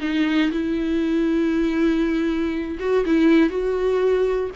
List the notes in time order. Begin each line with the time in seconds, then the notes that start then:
0.00 D#4
0.51 E4
2.79 F#4
3.05 E4
3.49 F#4